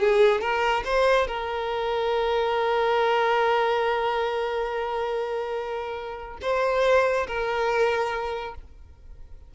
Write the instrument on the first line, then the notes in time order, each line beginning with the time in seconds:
violin
0.00 G#4
0.41 A#4
0.85 C5
1.27 A#4
6.42 C5
7.27 A#4